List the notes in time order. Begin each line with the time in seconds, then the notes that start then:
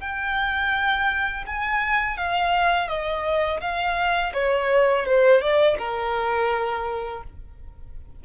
0.00 G5
1.47 G#5
2.18 F5
2.88 D#5
3.61 F5
4.34 C#5
5.06 C5
5.41 D5
5.79 A#4